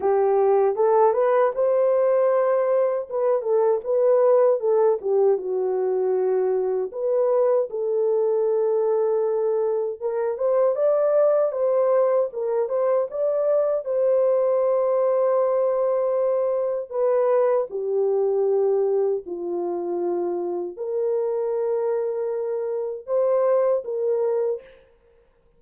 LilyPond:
\new Staff \with { instrumentName = "horn" } { \time 4/4 \tempo 4 = 78 g'4 a'8 b'8 c''2 | b'8 a'8 b'4 a'8 g'8 fis'4~ | fis'4 b'4 a'2~ | a'4 ais'8 c''8 d''4 c''4 |
ais'8 c''8 d''4 c''2~ | c''2 b'4 g'4~ | g'4 f'2 ais'4~ | ais'2 c''4 ais'4 | }